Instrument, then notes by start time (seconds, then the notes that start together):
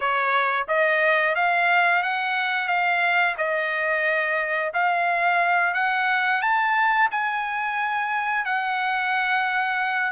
trumpet
0.00 C#5
0.68 D#5
1.35 F5
2.03 F#5
2.68 F5
3.37 D#5
4.73 F5
5.74 F#5
6.41 A5
7.11 G#5
8.45 F#5